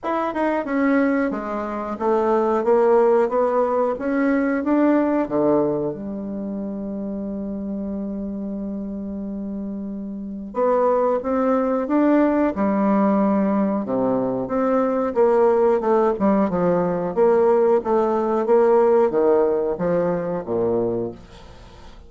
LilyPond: \new Staff \with { instrumentName = "bassoon" } { \time 4/4 \tempo 4 = 91 e'8 dis'8 cis'4 gis4 a4 | ais4 b4 cis'4 d'4 | d4 g2.~ | g1 |
b4 c'4 d'4 g4~ | g4 c4 c'4 ais4 | a8 g8 f4 ais4 a4 | ais4 dis4 f4 ais,4 | }